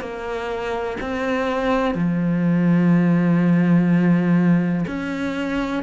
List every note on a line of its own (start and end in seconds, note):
0.00 0.97 A#3
1.01 1.94 C4
1.94 4.85 F3
4.87 5.83 C#4